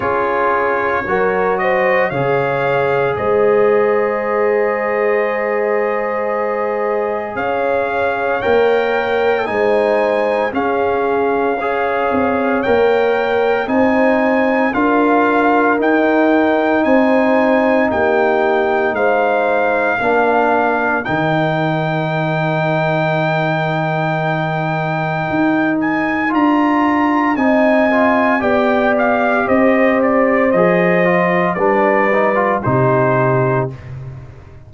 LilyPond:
<<
  \new Staff \with { instrumentName = "trumpet" } { \time 4/4 \tempo 4 = 57 cis''4. dis''8 f''4 dis''4~ | dis''2. f''4 | g''4 gis''4 f''2 | g''4 gis''4 f''4 g''4 |
gis''4 g''4 f''2 | g''1~ | g''8 gis''8 ais''4 gis''4 g''8 f''8 | dis''8 d''8 dis''4 d''4 c''4 | }
  \new Staff \with { instrumentName = "horn" } { \time 4/4 gis'4 ais'8 c''8 cis''4 c''4~ | c''2. cis''4~ | cis''4 c''4 gis'4 cis''4~ | cis''4 c''4 ais'2 |
c''4 g'4 c''4 ais'4~ | ais'1~ | ais'2 dis''4 d''4 | c''2 b'4 g'4 | }
  \new Staff \with { instrumentName = "trombone" } { \time 4/4 f'4 fis'4 gis'2~ | gis'1 | ais'4 dis'4 cis'4 gis'4 | ais'4 dis'4 f'4 dis'4~ |
dis'2. d'4 | dis'1~ | dis'4 f'4 dis'8 f'8 g'4~ | g'4 gis'8 f'8 d'8 dis'16 f'16 dis'4 | }
  \new Staff \with { instrumentName = "tuba" } { \time 4/4 cis'4 fis4 cis4 gis4~ | gis2. cis'4 | ais4 gis4 cis'4. c'8 | ais4 c'4 d'4 dis'4 |
c'4 ais4 gis4 ais4 | dis1 | dis'4 d'4 c'4 b4 | c'4 f4 g4 c4 | }
>>